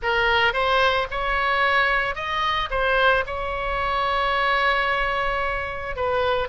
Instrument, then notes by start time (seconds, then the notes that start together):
oboe
0.02 A#4
0.53 C5
1.10 C#5
2.15 D#5
2.70 C5
3.26 C#5
5.96 B4